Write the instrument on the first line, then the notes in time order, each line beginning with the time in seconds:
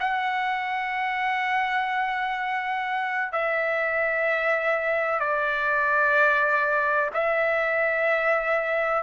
trumpet
0.00 F#5
3.32 E5
5.20 D5
7.14 E5